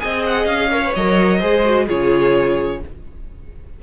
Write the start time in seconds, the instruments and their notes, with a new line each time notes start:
0.00 cello C4, viola G#4, violin D#5 G#5
0.26 violin F#5
0.46 cello C#4, violin F5
0.72 viola A#4, violin C#5
0.84 viola B4
0.95 cello F#3, viola A#4, violin D#5
1.39 cello G#3, viola G#4, violin C5
1.65 viola F#4
1.87 cello C#3, viola F4, violin G#4 C#5